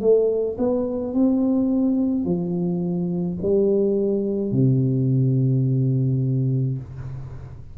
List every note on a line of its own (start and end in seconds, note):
0.00 0.57 A3
0.58 1.13 B3
1.13 2.24 C4
2.24 3.38 F3
3.42 4.51 G3
4.51 6.78 C3